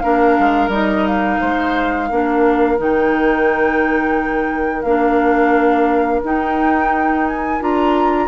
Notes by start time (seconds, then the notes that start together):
0.00 A#3 D4 A#4 F5
0.39 G#3
0.69 G3 D#4 D#5
1.07 F5
1.41 G#3 C5
2.09 A#3 D4 A#4
2.78 D#3 D#4 G5
4.83 A#3 D4 F5
6.24 D#4 G5
7.28 G#5
7.61 D4 F4 A#5